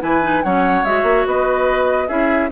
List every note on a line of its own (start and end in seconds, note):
0.00 0.43 E3
0.00 0.21 E4
0.00 0.44 B4
0.00 0.43 G#5
0.22 0.43 D#4
0.43 0.83 F#3
0.43 0.85 C#4
0.43 1.28 C#5
0.43 0.85 F#5
0.83 1.03 G#3
0.83 2.09 F#4
0.83 1.26 E5
1.03 1.24 A#3
1.26 2.09 B3
1.26 2.08 B4
1.26 2.08 D#5
2.08 2.51 C#4
2.08 2.50 E4
2.08 2.50 G#4
2.08 2.50 E5